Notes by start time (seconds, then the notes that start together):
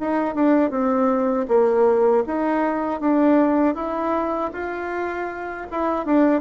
0.00 D#4
0.35 D4
0.70 C4
1.48 A#3
2.26 D#4
3.00 D4
3.75 E4
4.53 F4
5.71 E4
6.06 D4